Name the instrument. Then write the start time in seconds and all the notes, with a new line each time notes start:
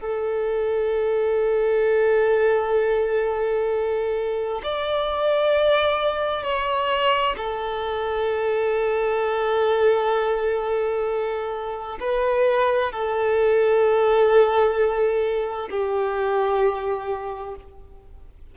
violin
0.00 A4
4.63 D5
6.43 C#5
7.37 A4
12.00 B4
12.92 A4
15.70 G4